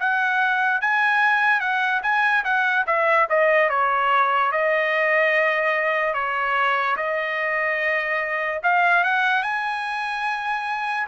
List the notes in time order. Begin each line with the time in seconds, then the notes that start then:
0.00 F#5
0.81 G#5
1.60 F#5
2.02 G#5
2.44 F#5
2.87 E5
3.30 D#5
3.69 C#5
4.52 D#5
6.14 C#5
6.97 D#5
8.63 F5
9.04 F#5
9.43 G#5